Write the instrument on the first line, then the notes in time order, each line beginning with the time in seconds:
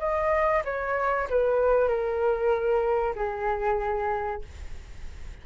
flute
0.00 D#5
0.65 C#5
1.30 B4
1.89 A#4
3.16 G#4